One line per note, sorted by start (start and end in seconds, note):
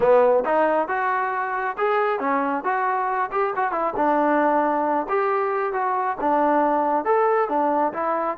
0.00 0.44 B3
0.45 0.88 D#4
0.88 1.76 F#4
1.77 2.19 G#4
2.19 2.64 C#4
2.64 3.30 F#4
3.31 3.53 G4
3.56 3.71 F#4
3.71 3.93 E4
3.96 5.06 D4
5.09 5.72 G4
5.72 6.16 F#4
6.20 7.04 D4
7.04 7.48 A4
7.48 7.93 D4
7.93 8.37 E4